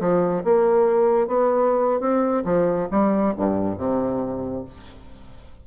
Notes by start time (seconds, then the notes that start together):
0.00 F3
0.44 A#3
1.28 B3
2.00 C4
2.45 F3
2.92 G3
3.37 G2
3.78 C3